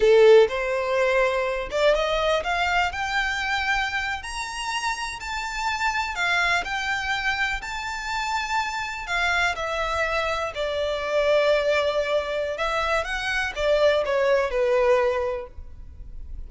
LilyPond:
\new Staff \with { instrumentName = "violin" } { \time 4/4 \tempo 4 = 124 a'4 c''2~ c''8 d''8 | dis''4 f''4 g''2~ | g''8. ais''2 a''4~ a''16~ | a''8. f''4 g''2 a''16~ |
a''2~ a''8. f''4 e''16~ | e''4.~ e''16 d''2~ d''16~ | d''2 e''4 fis''4 | d''4 cis''4 b'2 | }